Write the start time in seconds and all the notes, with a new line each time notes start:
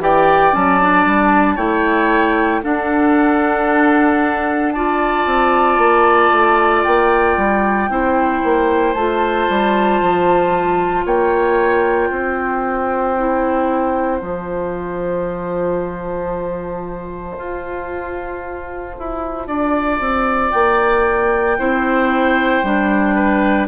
0.00 E3 G4 D5 G5
0.54 F#3 C#4 A5
0.82 D4
1.06 G3
1.55 A3 E4 C#5 G5
2.63 D4 A4 F#5
4.72 F4 D5 A5
5.27 C4
5.79 A#3
6.32 A3
6.84 A#3 G5
7.38 G3
7.89 C4 E4 C5
8.44 A#3
8.95 A3 F4 A5
9.50 G3
10.02 F3
11.06 A#3 C#5 G5
12.10 C4 C5
13.18 E4
14.20 F3 F4 A5
17.38 F4
18.99 E4
19.48 D4 D5
20.00 C4
20.51 A#3 G5
21.59 C4 E4 C5
22.64 G3 D4
23.15 B4